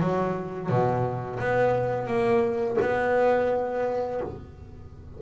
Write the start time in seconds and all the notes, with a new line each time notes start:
0.00 F#3
0.69 B2
1.39 B3
2.07 A#3
2.81 B3